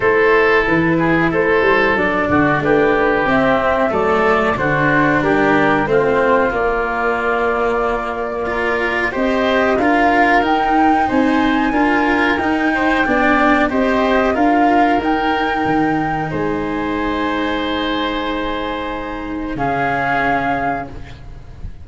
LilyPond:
<<
  \new Staff \with { instrumentName = "flute" } { \time 4/4 \tempo 4 = 92 c''4 b'4 c''4 d''4 | b'4 e''4 d''4 c''4 | ais'4 c''4 d''2~ | d''2 dis''4 f''4 |
g''4 gis''2 g''4~ | g''4 dis''4 f''4 g''4~ | g''4 gis''2.~ | gis''2 f''2 | }
  \new Staff \with { instrumentName = "oboe" } { \time 4/4 a'4. gis'8 a'4. fis'8 | g'2 a'4 fis'4 | g'4 f'2.~ | f'4 ais'4 c''4 ais'4~ |
ais'4 c''4 ais'4. c''8 | d''4 c''4 ais'2~ | ais'4 c''2.~ | c''2 gis'2 | }
  \new Staff \with { instrumentName = "cello" } { \time 4/4 e'2. d'4~ | d'4 c'4 a4 d'4~ | d'4 c'4 ais2~ | ais4 f'4 g'4 f'4 |
dis'2 f'4 dis'4 | d'4 g'4 f'4 dis'4~ | dis'1~ | dis'2 cis'2 | }
  \new Staff \with { instrumentName = "tuba" } { \time 4/4 a4 e4 a8 g8 fis8 d8 | a4 c'4 fis4 d4 | g4 a4 ais2~ | ais2 c'4 d'4 |
dis'4 c'4 d'4 dis'4 | b4 c'4 d'4 dis'4 | dis4 gis2.~ | gis2 cis2 | }
>>